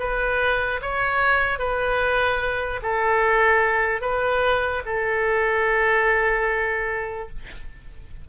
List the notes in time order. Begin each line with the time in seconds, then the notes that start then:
0.00 B4
0.82 C#5
1.59 B4
2.83 A4
4.02 B4
4.86 A4